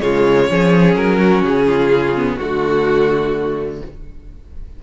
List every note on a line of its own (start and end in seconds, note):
0.00 0.50 C#3
0.00 0.47 G#3
0.00 0.50 F4
0.00 0.95 C#5
0.50 0.96 F3
0.50 2.15 C#4
0.50 1.19 G#4
0.95 1.42 F#3
0.95 1.43 A#4
1.19 1.66 F#4
1.42 2.37 C#3
1.42 2.38 G#4
1.67 2.36 F4
2.16 2.39 B3
2.36 3.81 D3
2.36 3.83 A3
2.36 3.77 F#4
2.36 3.80 F#4